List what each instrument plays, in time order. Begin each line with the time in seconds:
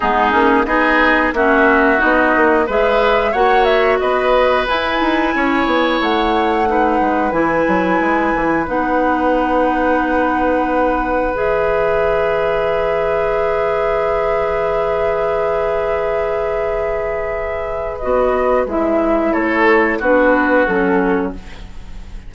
0.00 bassoon G#3, clarinet B3, oboe D#4, flute G#4
0.31 bassoon A#3, clarinet C#4
0.65 bassoon B3, clarinet D#4, oboe G#4, flute D#5
1.33 bassoon A#3, clarinet C#4, oboe F#4, flute E5
1.97 bassoon B3, clarinet D#4, flute D#5
2.35 bassoon A#3
2.66 bassoon G#3, clarinet G#4, oboe B4, flute E5
3.31 bassoon A#3, clarinet F#4, oboe C#5, flute F#5
3.64 flute E5
3.98 bassoon B3, oboe B4, flute D#5
4.67 clarinet E4, bassoon E4, flute G#5
5.00 bassoon D#4
5.34 bassoon C#4, oboe C#5
5.66 bassoon B3
6.00 bassoon A3, flute F#5
6.66 clarinet D#4, oboe B4
7.00 bassoon G#3
7.31 bassoon E3, clarinet E4, flute G#5
7.67 bassoon F#3
8.00 bassoon G#3
8.34 bassoon E3
8.67 bassoon B3, clarinet D#4, flute F#5
11.33 bassoon E3, clarinet G#4, flute E5
17.97 bassoon B3, clarinet F#4, flute D#5
18.66 bassoon G#3, clarinet E4, flute E5
19.32 bassoon A3, oboe A4, flute C#5
19.98 bassoon B3, clarinet D4, oboe F#4, flute B4
20.66 bassoon F#3, clarinet C#4, flute A4